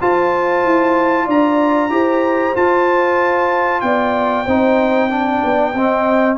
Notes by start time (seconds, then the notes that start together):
0.00 F4 C5 A5
0.64 E4
1.25 D4 D5 A#5
1.89 E4 G4 C5
2.54 F4 A5
3.81 B3 D5 G5
4.45 C4 D#4 C5
5.10 D4 D5
5.44 B3
5.74 C4 D#5